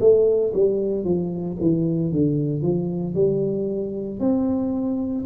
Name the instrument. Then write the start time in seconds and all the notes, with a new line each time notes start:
tuba
0.00 A3
0.54 G3
1.04 F3
1.60 E3
2.12 D3
2.62 F3
3.14 G3
4.20 C4